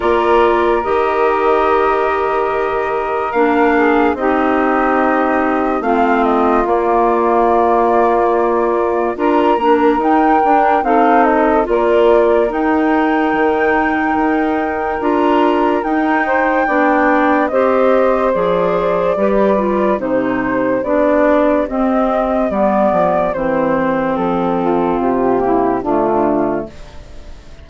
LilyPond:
<<
  \new Staff \with { instrumentName = "flute" } { \time 4/4 \tempo 4 = 72 d''4 dis''2. | f''4 dis''2 f''8 dis''8 | d''2. ais''4 | g''4 f''8 dis''8 d''4 g''4~ |
g''2 ais''4 g''4~ | g''4 dis''4 d''2 | c''4 d''4 dis''4 d''4 | c''4 a'4 g'4 f'4 | }
  \new Staff \with { instrumentName = "saxophone" } { \time 4/4 ais'1~ | ais'8 gis'8 g'2 f'4~ | f'2. ais'4~ | ais'4 a'4 ais'2~ |
ais'2.~ ais'8 c''8 | d''4 c''2 b'4 | g'1~ | g'4. f'4 e'8 d'4 | }
  \new Staff \with { instrumentName = "clarinet" } { \time 4/4 f'4 g'2. | d'4 dis'2 c'4 | ais2. f'8 d'8 | dis'8 d'8 dis'4 f'4 dis'4~ |
dis'2 f'4 dis'4 | d'4 g'4 gis'4 g'8 f'8 | dis'4 d'4 c'4 b4 | c'2~ c'8 ais8 a4 | }
  \new Staff \with { instrumentName = "bassoon" } { \time 4/4 ais4 dis2. | ais4 c'2 a4 | ais2. d'8 ais8 | dis'8 d'8 c'4 ais4 dis'4 |
dis4 dis'4 d'4 dis'4 | b4 c'4 f4 g4 | c4 b4 c'4 g8 f8 | e4 f4 c4 d4 | }
>>